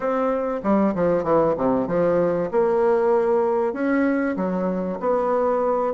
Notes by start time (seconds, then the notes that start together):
0.00 C4
0.62 G3
0.94 F3
1.23 E3
1.57 C3
1.87 F3
2.51 A#3
3.73 C#4
4.36 F#3
5.00 B3